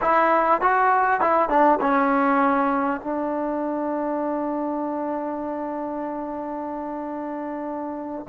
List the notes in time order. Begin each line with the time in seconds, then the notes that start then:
0.01 E4
0.61 F#4
1.20 E4
1.49 D4
1.80 C#4
3.00 D4